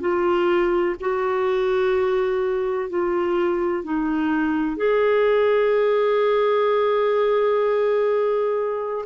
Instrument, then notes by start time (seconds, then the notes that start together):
clarinet
0.00 F4
1.00 F#4
2.89 F4
3.84 D#4
4.76 G#4